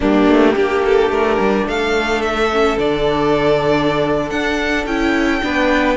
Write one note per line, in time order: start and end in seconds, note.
0.00 0.27 G3
0.00 0.55 A#3
0.00 0.54 D4
0.00 1.68 G4
0.27 0.55 A3
0.55 1.10 A#3
0.55 2.50 D4
0.55 0.83 G4
0.84 1.11 A4
1.10 1.37 A3
1.10 1.67 A#4
1.39 1.66 G3
1.66 2.77 A3
1.66 5.43 A4
1.66 2.22 F5
2.22 2.77 E5
2.51 2.78 C#4
2.78 4.30 D3
2.78 4.86 D4
2.78 4.30 D5
4.30 4.86 D4
4.30 4.85 F#5
4.86 5.41 C#4
4.86 5.42 E4
4.86 5.96 G5
5.42 5.96 B3
5.42 5.96 D4
5.42 5.96 B4